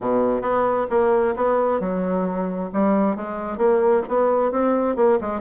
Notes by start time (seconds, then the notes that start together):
0.01 B2
0.41 B3
0.89 A#3
1.36 B3
1.79 F#3
2.73 G3
3.16 G#3
3.57 A#3
4.08 B3
4.51 C4
4.96 A#3
5.20 G#3